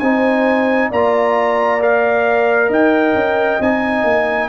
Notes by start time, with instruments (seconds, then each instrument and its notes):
0.00 tuba C4, trombone D#4, horn C5, trumpet G#5
0.91 tuba A#3, trombone F4, horn D5, trumpet A#5
1.80 trombone A#4, trumpet F5
2.69 tuba D#4, horn D#5, trumpet G5
3.15 tuba C#4
3.60 tuba C4, trombone D#4, trumpet G#5
4.04 tuba A#3